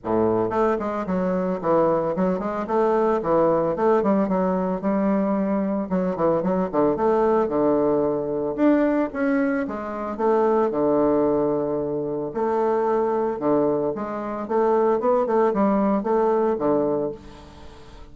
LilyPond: \new Staff \with { instrumentName = "bassoon" } { \time 4/4 \tempo 4 = 112 a,4 a8 gis8 fis4 e4 | fis8 gis8 a4 e4 a8 g8 | fis4 g2 fis8 e8 | fis8 d8 a4 d2 |
d'4 cis'4 gis4 a4 | d2. a4~ | a4 d4 gis4 a4 | b8 a8 g4 a4 d4 | }